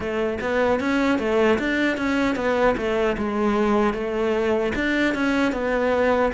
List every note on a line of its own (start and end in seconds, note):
0.00 0.38 A3
0.41 0.80 B3
0.80 1.18 C#4
1.18 1.58 A3
1.59 1.97 D4
1.97 2.35 C#4
2.35 2.75 B3
2.77 3.16 A3
3.17 3.93 G#3
3.93 4.72 A3
4.75 5.14 D4
5.14 5.52 C#4
5.52 6.31 B3